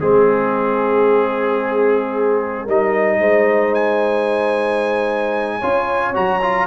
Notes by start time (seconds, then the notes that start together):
0.00 G#3 C4 G#4
2.64 G3 D#4 A#4 D#5
3.19 G#3 C5
3.74 G#5
5.58 C#4 F4 C#5
6.13 F#3 F#4 A#5
6.42 F4